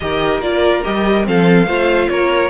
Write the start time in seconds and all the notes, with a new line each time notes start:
0.00 D#3 G4 A#4 D#5
0.38 A#3 F4 D5
0.83 G3 G4 D#5
1.23 F3 C4 A4 F5
1.66 A3 F4 C5
2.09 A#3 A#4 C#5